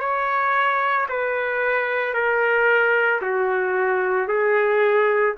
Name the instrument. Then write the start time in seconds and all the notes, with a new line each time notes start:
trumpet
0.00 C#5
1.09 B4
2.14 A#4
3.22 F#4
4.28 G#4